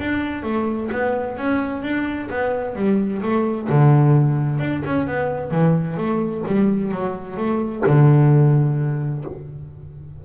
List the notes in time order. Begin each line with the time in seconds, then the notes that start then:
0.00 D4
0.43 A3
0.92 B3
1.37 C#4
1.83 D4
2.30 B3
2.76 G3
3.22 A3
3.69 D3
4.59 D4
4.85 C#4
5.07 B3
5.51 E3
5.97 A3
6.47 G3
6.92 F#3
7.37 A3
7.86 D3